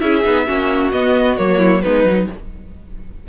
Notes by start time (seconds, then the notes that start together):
0.00 C#4 E4 G#4 E5
0.24 B3 D#4
0.46 A#3 C#4 F#4
0.92 B3 D#5
1.37 F#3 A#3 C#5
1.58 E4
1.82 G#3 B3 D#4 B4
2.04 F#3 D#4